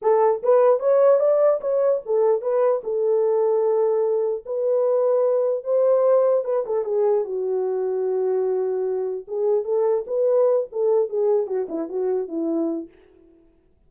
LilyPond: \new Staff \with { instrumentName = "horn" } { \time 4/4 \tempo 4 = 149 a'4 b'4 cis''4 d''4 | cis''4 a'4 b'4 a'4~ | a'2. b'4~ | b'2 c''2 |
b'8 a'8 gis'4 fis'2~ | fis'2. gis'4 | a'4 b'4. a'4 gis'8~ | gis'8 fis'8 e'8 fis'4 e'4. | }